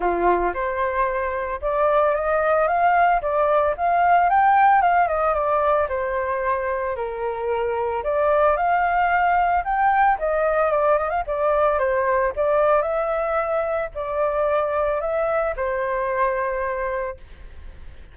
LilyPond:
\new Staff \with { instrumentName = "flute" } { \time 4/4 \tempo 4 = 112 f'4 c''2 d''4 | dis''4 f''4 d''4 f''4 | g''4 f''8 dis''8 d''4 c''4~ | c''4 ais'2 d''4 |
f''2 g''4 dis''4 | d''8 dis''16 f''16 d''4 c''4 d''4 | e''2 d''2 | e''4 c''2. | }